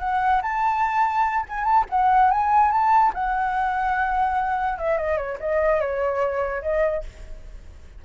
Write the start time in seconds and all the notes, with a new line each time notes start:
0.00 F#5
0.43 A5
1.49 G#5
1.65 A5
1.90 F#5
2.31 G#5
2.72 A5
3.14 F#5
4.79 E5
4.98 D#5
5.18 C#5
5.40 D#5
5.81 C#5
6.62 D#5